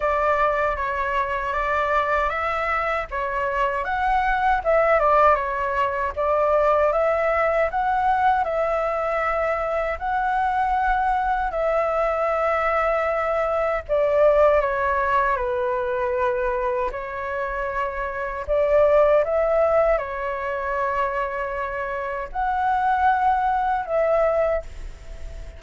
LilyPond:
\new Staff \with { instrumentName = "flute" } { \time 4/4 \tempo 4 = 78 d''4 cis''4 d''4 e''4 | cis''4 fis''4 e''8 d''8 cis''4 | d''4 e''4 fis''4 e''4~ | e''4 fis''2 e''4~ |
e''2 d''4 cis''4 | b'2 cis''2 | d''4 e''4 cis''2~ | cis''4 fis''2 e''4 | }